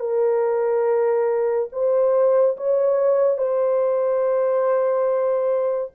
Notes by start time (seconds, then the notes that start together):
0.00 A#4
1.72 C5
2.57 C#5
3.38 C5